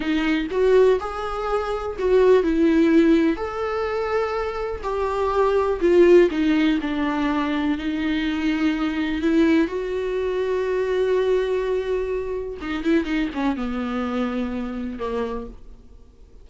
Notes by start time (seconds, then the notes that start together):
0.00 D#4
0.50 F#4
1.00 G#4
1.98 F#4
2.43 E4
3.36 A4
4.83 G4
5.80 F4
6.30 D#4
6.81 D4
7.78 D#4
9.22 E4
9.67 F#4
12.61 D#4
12.83 E4
13.04 D#4
13.34 C#4
13.56 B3
14.98 A#3